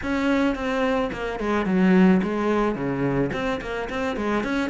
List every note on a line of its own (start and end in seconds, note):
0.02 0.55 C#4
0.55 1.10 C4
1.12 1.39 A#3
1.39 1.65 G#3
1.65 2.21 F#3
2.22 2.75 G#3
2.75 3.31 C#3
3.32 3.60 C4
3.61 3.89 A#3
3.89 4.16 C4
4.16 4.43 G#3
4.43 4.70 C#4